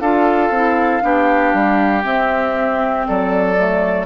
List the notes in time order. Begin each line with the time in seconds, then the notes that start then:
0.00 D4 F4 A4 F5
0.50 C4 E4
1.02 B3 D4 G4
1.54 G3
2.03 C4 E5
3.07 F#3 A4 D5
3.57 A3